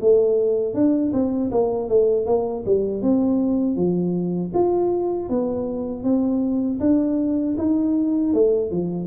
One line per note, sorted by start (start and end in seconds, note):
0.00 0.74 A3
0.74 1.12 D4
1.13 1.51 C4
1.51 1.88 A#3
1.88 2.26 A3
2.26 2.64 A#3
2.65 3.02 G3
3.02 3.76 C4
3.76 4.52 F3
4.54 5.29 F4
5.29 6.03 B3
6.03 6.79 C4
6.80 7.56 D4
7.57 8.33 D#4
8.33 8.71 A3
8.71 9.07 F3